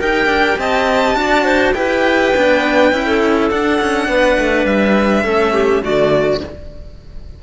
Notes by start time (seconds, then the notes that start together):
0.00 D#4 G4 A#4 G5
0.26 D4
0.58 C4 D#5 A5
1.15 D4 F#4 D5
1.45 C5
1.74 E4 G4 B4 G5
2.35 B3 D4
2.93 C#4 E4
3.07 A4
3.51 D4 F#5
3.82 C#4
4.08 B3 B4
4.38 A3
4.66 G3 E5
5.24 A3 C#4 A4
5.54 G4
5.83 D3 A3 F#4 D5